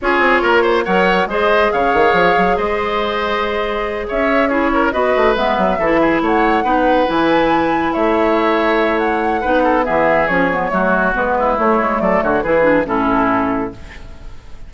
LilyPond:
<<
  \new Staff \with { instrumentName = "flute" } { \time 4/4 \tempo 4 = 140 cis''2 fis''4 dis''4 | f''2 dis''2~ | dis''4. e''4 cis''4 dis''8~ | dis''8 e''2 fis''4.~ |
fis''8 gis''2 e''4.~ | e''4 fis''2 e''4 | cis''2 b'4 cis''4 | d''8 cis''8 b'4 a'2 | }
  \new Staff \with { instrumentName = "oboe" } { \time 4/4 gis'4 ais'8 c''8 cis''4 c''4 | cis''2 c''2~ | c''4. cis''4 gis'8 ais'8 b'8~ | b'4. a'8 gis'8 cis''4 b'8~ |
b'2~ b'8 cis''4.~ | cis''2 b'8 a'8 gis'4~ | gis'4 fis'4. e'4. | a'8 fis'8 gis'4 e'2 | }
  \new Staff \with { instrumentName = "clarinet" } { \time 4/4 f'2 ais'4 gis'4~ | gis'1~ | gis'2~ gis'8 e'4 fis'8~ | fis'8 b4 e'2 dis'8~ |
dis'8 e'2.~ e'8~ | e'2 dis'4 b4 | cis'8 b8 a4 b4 a4~ | a4 e'8 d'8 cis'2 | }
  \new Staff \with { instrumentName = "bassoon" } { \time 4/4 cis'8 c'8 ais4 fis4 gis4 | cis8 dis8 f8 fis8 gis2~ | gis4. cis'2 b8 | a8 gis8 fis8 e4 a4 b8~ |
b8 e2 a4.~ | a2 b4 e4 | f4 fis4 gis4 a8 gis8 | fis8 d8 e4 a,2 | }
>>